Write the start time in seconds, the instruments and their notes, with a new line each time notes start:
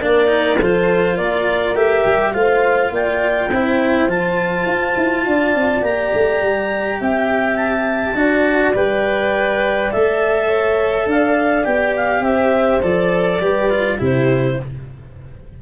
0.00 tuba A#3, cello D4, horn A#4, clarinet D5
0.27 cello D#4
0.58 tuba F3, cello F4, horn A4, clarinet C5
1.15 tuba A#3, horn A#4, clarinet D5
1.74 tuba A3, cello G4, clarinet E5
2.05 tuba G3
2.33 tuba A3, cello F4, horn C5, clarinet F5
2.91 tuba A#3, horn D5, clarinet G5
3.51 tuba C4, cello E4, horn C5
4.07 tuba F3, cello F4, clarinet A5
4.66 tuba F4
4.97 tuba E4
5.26 tuba D4, horn D5
5.55 tuba C4
5.82 tuba A#3, cello G4, clarinet A#5
6.13 tuba A3
6.42 tuba G3
7.00 tuba C4, horn E5, clarinet G5
7.57 clarinet A5
8.14 tuba D4, cello F#4, horn D5
8.74 tuba G3, cello B4, clarinet G5
9.91 tuba A3, cello A4, clarinet E5
10.48 horn C#5
11.06 tuba D4, horn D5, clarinet F5
11.64 tuba B3, cello G4, clarinet G5
11.96 clarinet F5
12.20 tuba C4, clarinet E5
12.26 horn C5
12.82 tuba F3, cello A4, clarinet D5
13.40 tuba G3, cello G4, horn B4
13.70 cello F4
13.98 tuba C3, cello E4, horn G4, clarinet C5